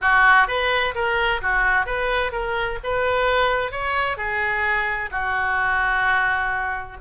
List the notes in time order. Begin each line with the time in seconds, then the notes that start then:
0.01 F#4
0.47 B4
0.94 A#4
1.41 F#4
1.86 B4
2.32 A#4
2.83 B4
3.71 C#5
4.17 G#4
5.11 F#4